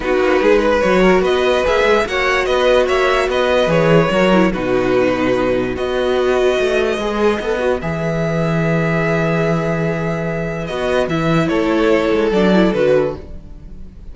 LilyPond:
<<
  \new Staff \with { instrumentName = "violin" } { \time 4/4 \tempo 4 = 146 b'2 cis''4 dis''4 | e''4 fis''4 dis''4 e''4 | dis''4 cis''2 b'4~ | b'2 dis''2~ |
dis''2. e''4~ | e''1~ | e''2 dis''4 e''4 | cis''2 d''4 b'4 | }
  \new Staff \with { instrumentName = "violin" } { \time 4/4 fis'4 gis'8 b'4 ais'8 b'4~ | b'4 cis''4 b'4 cis''4 | b'2 ais'4 fis'4~ | fis'2 b'2~ |
b'1~ | b'1~ | b'1 | a'1 | }
  \new Staff \with { instrumentName = "viola" } { \time 4/4 dis'2 fis'2 | gis'4 fis'2.~ | fis'4 gis'4 fis'8 e'8 dis'4~ | dis'2 fis'2~ |
fis'4 gis'4 a'8 fis'8 gis'4~ | gis'1~ | gis'2 fis'4 e'4~ | e'2 d'8 e'8 fis'4 | }
  \new Staff \with { instrumentName = "cello" } { \time 4/4 b8 ais8 gis4 fis4 b4 | ais8 gis8 ais4 b4 ais4 | b4 e4 fis4 b,4~ | b,2 b2 |
a4 gis4 b4 e4~ | e1~ | e2 b4 e4 | a4. gis8 fis4 d4 | }
>>